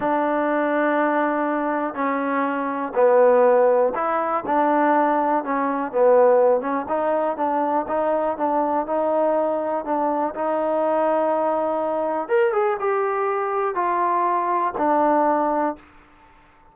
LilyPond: \new Staff \with { instrumentName = "trombone" } { \time 4/4 \tempo 4 = 122 d'1 | cis'2 b2 | e'4 d'2 cis'4 | b4. cis'8 dis'4 d'4 |
dis'4 d'4 dis'2 | d'4 dis'2.~ | dis'4 ais'8 gis'8 g'2 | f'2 d'2 | }